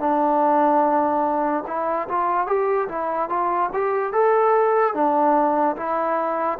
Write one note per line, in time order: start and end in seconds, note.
0.00 1.64 D4
1.67 2.08 E4
2.09 2.47 F4
2.47 2.88 G4
2.89 3.30 E4
3.30 3.71 F4
3.74 4.13 G4
4.13 4.94 A4
4.94 5.76 D4
5.77 6.59 E4